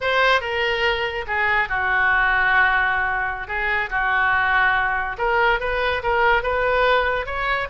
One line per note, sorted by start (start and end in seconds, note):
0.00 0.40 C5
0.40 1.25 A#4
1.27 1.68 G#4
1.68 3.47 F#4
3.47 3.89 G#4
3.90 5.16 F#4
5.18 5.60 A#4
5.60 6.02 B4
6.02 6.42 A#4
6.42 7.26 B4
7.26 7.68 C#5